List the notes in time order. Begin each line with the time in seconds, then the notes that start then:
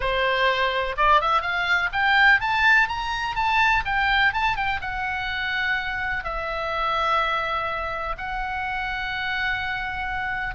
0.00 C5
0.97 D5
1.20 E5
1.41 F5
1.92 G5
2.40 A5
2.88 A#5
3.35 A5
3.85 G5
4.33 A5
4.56 G5
4.81 F#5
6.24 E5
8.17 F#5